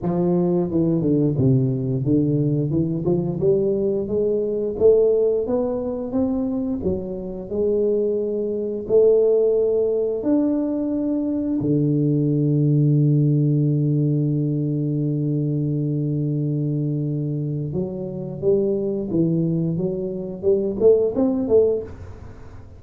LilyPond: \new Staff \with { instrumentName = "tuba" } { \time 4/4 \tempo 4 = 88 f4 e8 d8 c4 d4 | e8 f8 g4 gis4 a4 | b4 c'4 fis4 gis4~ | gis4 a2 d'4~ |
d'4 d2.~ | d1~ | d2 fis4 g4 | e4 fis4 g8 a8 c'8 a8 | }